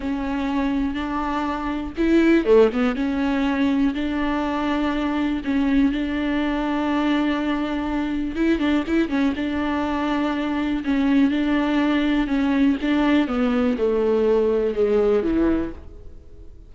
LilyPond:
\new Staff \with { instrumentName = "viola" } { \time 4/4 \tempo 4 = 122 cis'2 d'2 | e'4 a8 b8 cis'2 | d'2. cis'4 | d'1~ |
d'4 e'8 d'8 e'8 cis'8 d'4~ | d'2 cis'4 d'4~ | d'4 cis'4 d'4 b4 | a2 gis4 e4 | }